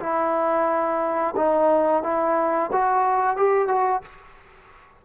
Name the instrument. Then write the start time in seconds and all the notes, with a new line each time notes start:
trombone
0.00 E4
1.37 D#4
2.03 E4
2.73 F#4
3.37 G4
3.68 F#4